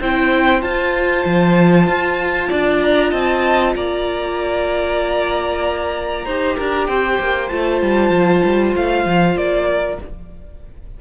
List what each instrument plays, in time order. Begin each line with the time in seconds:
0.00 cello C4, viola E4, violin C5 G5
0.61 cello F4, viola F4, violin A5
1.25 cello F3
1.87 cello F4
2.49 cello D4, violin D5
2.81 violin A#5
3.10 cello C4, violin D#5 A5
3.75 cello A#3, violin D5 A#5
6.25 cello D#4, viola G4, violin C5
6.56 cello D4, violin A#4
6.86 cello C4, violin C5 G5
7.19 cello A#3
7.48 cello A3, viola F4, violin A5
7.82 cello G3
8.09 cello F3
8.44 cello G3
8.76 cello A3, violin F5
9.05 cello F3
9.35 cello A#3, violin D5
9.69 violin A#4